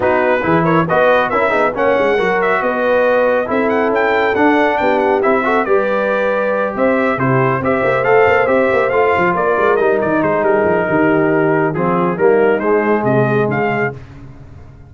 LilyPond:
<<
  \new Staff \with { instrumentName = "trumpet" } { \time 4/4 \tempo 4 = 138 b'4. cis''8 dis''4 e''4 | fis''4. e''8 dis''2 | e''8 fis''8 g''4 fis''4 g''8 fis''8 | e''4 d''2~ d''8 e''8~ |
e''8 c''4 e''4 f''4 e''8~ | e''8 f''4 d''4 dis''8 d''8 c''8 | ais'2. gis'4 | ais'4 c''4 dis''4 f''4 | }
  \new Staff \with { instrumentName = "horn" } { \time 4/4 fis'4 gis'8 ais'8 b'4 ais'8 gis'8 | cis''4 ais'4 b'2 | a'2. g'4~ | g'8 a'8 b'2~ b'8 c''8~ |
c''8 g'4 c''2~ c''8~ | c''4. ais'2 gis'8~ | gis'4 g'2 f'4 | dis'2 gis'2 | }
  \new Staff \with { instrumentName = "trombone" } { \time 4/4 dis'4 e'4 fis'4 e'8 dis'8 | cis'4 fis'2. | e'2 d'2 | e'8 fis'8 g'2.~ |
g'8 e'4 g'4 a'4 g'8~ | g'8 f'2 dis'4.~ | dis'2. c'4 | ais4 gis2. | }
  \new Staff \with { instrumentName = "tuba" } { \time 4/4 b4 e4 b4 cis'8 b8 | ais8 gis8 fis4 b2 | c'4 cis'4 d'4 b4 | c'4 g2~ g8 c'8~ |
c'8 c4 c'8 ais8 a8 ais8 c'8 | ais8 a8 f8 ais8 gis8 g8 dis8 gis8 | g8 f8 dis2 f4 | g4 gis4 c4 cis4 | }
>>